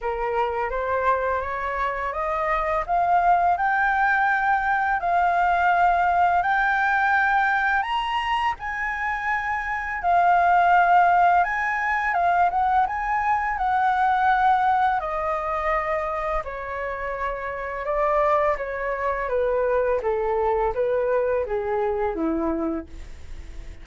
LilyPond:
\new Staff \with { instrumentName = "flute" } { \time 4/4 \tempo 4 = 84 ais'4 c''4 cis''4 dis''4 | f''4 g''2 f''4~ | f''4 g''2 ais''4 | gis''2 f''2 |
gis''4 f''8 fis''8 gis''4 fis''4~ | fis''4 dis''2 cis''4~ | cis''4 d''4 cis''4 b'4 | a'4 b'4 gis'4 e'4 | }